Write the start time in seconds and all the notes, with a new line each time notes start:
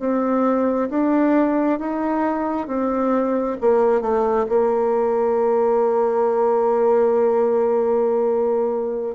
0.00 C4
0.90 D4
1.80 D#4
2.67 C4
3.61 A#3
4.02 A3
4.49 A#3